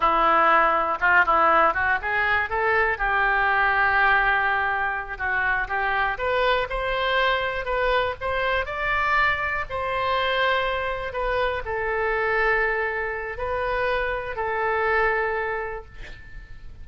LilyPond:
\new Staff \with { instrumentName = "oboe" } { \time 4/4 \tempo 4 = 121 e'2 f'8 e'4 fis'8 | gis'4 a'4 g'2~ | g'2~ g'8 fis'4 g'8~ | g'8 b'4 c''2 b'8~ |
b'8 c''4 d''2 c''8~ | c''2~ c''8 b'4 a'8~ | a'2. b'4~ | b'4 a'2. | }